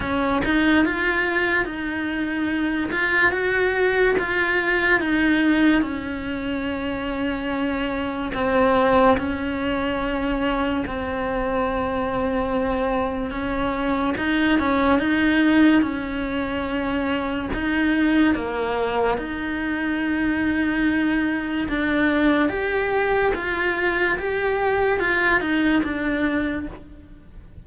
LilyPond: \new Staff \with { instrumentName = "cello" } { \time 4/4 \tempo 4 = 72 cis'8 dis'8 f'4 dis'4. f'8 | fis'4 f'4 dis'4 cis'4~ | cis'2 c'4 cis'4~ | cis'4 c'2. |
cis'4 dis'8 cis'8 dis'4 cis'4~ | cis'4 dis'4 ais4 dis'4~ | dis'2 d'4 g'4 | f'4 g'4 f'8 dis'8 d'4 | }